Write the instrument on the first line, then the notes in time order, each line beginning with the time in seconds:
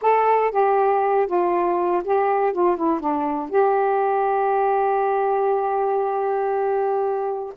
saxophone
0.01 A4
0.51 G4
1.27 F4
2.04 G4
2.52 F4
2.76 E4
3.00 D4
3.49 G4